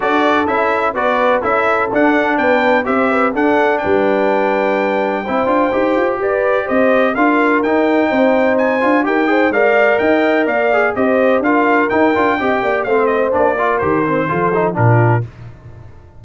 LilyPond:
<<
  \new Staff \with { instrumentName = "trumpet" } { \time 4/4 \tempo 4 = 126 d''4 e''4 d''4 e''4 | fis''4 g''4 e''4 fis''4 | g''1~ | g''4 d''4 dis''4 f''4 |
g''2 gis''4 g''4 | f''4 g''4 f''4 dis''4 | f''4 g''2 f''8 dis''8 | d''4 c''2 ais'4 | }
  \new Staff \with { instrumentName = "horn" } { \time 4/4 a'2 b'4 a'4~ | a'4 b'4 c''8 b'8 a'4 | b'2. c''4~ | c''4 b'4 c''4 ais'4~ |
ais'4 c''2 ais'8 c''8 | d''4 dis''4 d''4 c''4 | ais'2 dis''8 d''8 c''4~ | c''8 ais'4. a'4 f'4 | }
  \new Staff \with { instrumentName = "trombone" } { \time 4/4 fis'4 e'4 fis'4 e'4 | d'2 g'4 d'4~ | d'2. e'8 f'8 | g'2. f'4 |
dis'2~ dis'8 f'8 g'8 gis'8 | ais'2~ ais'8 gis'8 g'4 | f'4 dis'8 f'8 g'4 c'4 | d'8 f'8 g'8 c'8 f'8 dis'8 d'4 | }
  \new Staff \with { instrumentName = "tuba" } { \time 4/4 d'4 cis'4 b4 cis'4 | d'4 b4 c'4 d'4 | g2. c'8 d'8 | dis'8 f'8 g'4 c'4 d'4 |
dis'4 c'4. d'8 dis'4 | gis4 dis'4 ais4 c'4 | d'4 dis'8 d'8 c'8 ais8 a4 | ais4 dis4 f4 ais,4 | }
>>